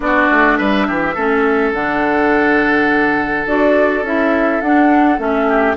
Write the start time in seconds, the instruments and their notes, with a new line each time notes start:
0.00 bassoon B3, clarinet D4, oboe F#4, flute D5
0.30 bassoon A3
0.56 bassoon G3, oboe B4, flute E5
0.87 bassoon E3, oboe G4
1.14 bassoon A3, clarinet C#4, oboe A4
1.72 bassoon D3, clarinet D4, flute F#5
3.46 bassoon D4, clarinet F#4, flute D5
4.02 bassoon C#4, clarinet E4, flute E5
4.61 bassoon D4, clarinet D4, flute F#5
5.18 bassoon A3, clarinet C#4, flute E5
5.48 oboe G4